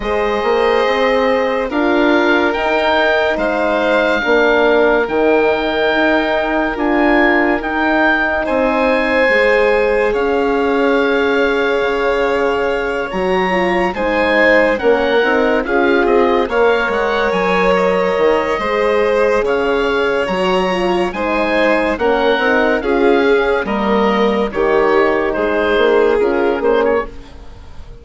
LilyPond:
<<
  \new Staff \with { instrumentName = "oboe" } { \time 4/4 \tempo 4 = 71 dis''2 f''4 g''4 | f''2 g''2 | gis''4 g''4 gis''2 | f''2.~ f''8 ais''8~ |
ais''8 gis''4 fis''4 f''8 dis''8 f''8 | fis''8 gis''8 dis''2 f''4 | ais''4 gis''4 fis''4 f''4 | dis''4 cis''4 c''4 ais'8 c''16 cis''16 | }
  \new Staff \with { instrumentName = "violin" } { \time 4/4 c''2 ais'2 | c''4 ais'2.~ | ais'2 c''2 | cis''1~ |
cis''8 c''4 ais'4 gis'4 cis''8~ | cis''2 c''4 cis''4~ | cis''4 c''4 ais'4 gis'4 | ais'4 g'4 gis'2 | }
  \new Staff \with { instrumentName = "horn" } { \time 4/4 gis'2 f'4 dis'4~ | dis'4 d'4 dis'2 | f'4 dis'2 gis'4~ | gis'2.~ gis'8 fis'8 |
f'8 dis'4 cis'8 dis'8 f'4 ais'8~ | ais'2 gis'2 | fis'8 f'8 dis'4 cis'8 dis'8 f'8 cis'8 | ais4 dis'2 f'8 cis'8 | }
  \new Staff \with { instrumentName = "bassoon" } { \time 4/4 gis8 ais8 c'4 d'4 dis'4 | gis4 ais4 dis4 dis'4 | d'4 dis'4 c'4 gis4 | cis'2 cis4. fis8~ |
fis8 gis4 ais8 c'8 cis'8 c'8 ais8 | gis8 fis4 dis8 gis4 cis4 | fis4 gis4 ais8 c'8 cis'4 | g4 dis4 gis8 ais8 cis'8 ais8 | }
>>